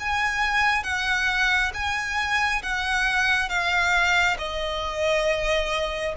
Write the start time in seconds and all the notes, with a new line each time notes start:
0.00 G#5
0.84 F#5
1.74 G#5
2.63 F#5
3.49 F5
4.39 D#5